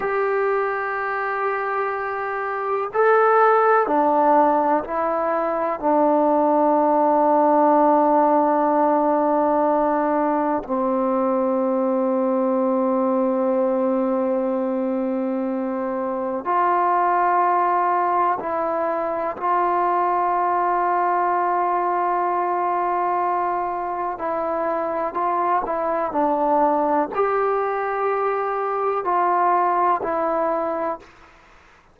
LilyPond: \new Staff \with { instrumentName = "trombone" } { \time 4/4 \tempo 4 = 62 g'2. a'4 | d'4 e'4 d'2~ | d'2. c'4~ | c'1~ |
c'4 f'2 e'4 | f'1~ | f'4 e'4 f'8 e'8 d'4 | g'2 f'4 e'4 | }